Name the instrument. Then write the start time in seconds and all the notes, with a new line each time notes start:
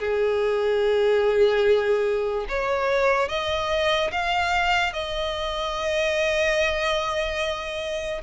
violin
0.00 G#4
2.49 C#5
3.29 D#5
4.12 F5
4.93 D#5